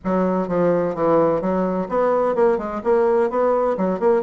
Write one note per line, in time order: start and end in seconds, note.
0.04 0.48 F#3
0.48 0.94 F3
0.95 1.41 E3
1.41 1.88 F#3
1.88 2.35 B3
2.35 2.58 A#3
2.58 2.81 G#3
2.83 3.29 A#3
3.29 3.76 B3
3.77 3.99 F#3
3.99 4.22 A#3